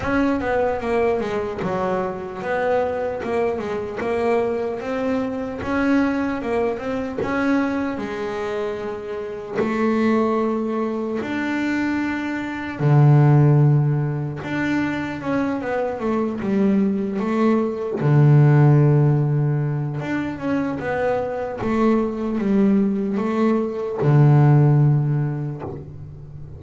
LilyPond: \new Staff \with { instrumentName = "double bass" } { \time 4/4 \tempo 4 = 75 cis'8 b8 ais8 gis8 fis4 b4 | ais8 gis8 ais4 c'4 cis'4 | ais8 c'8 cis'4 gis2 | a2 d'2 |
d2 d'4 cis'8 b8 | a8 g4 a4 d4.~ | d4 d'8 cis'8 b4 a4 | g4 a4 d2 | }